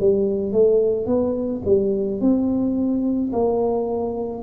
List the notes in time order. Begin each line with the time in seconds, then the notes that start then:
0.00 G3
0.53 A3
1.07 B3
1.65 G3
2.21 C4
3.33 A#3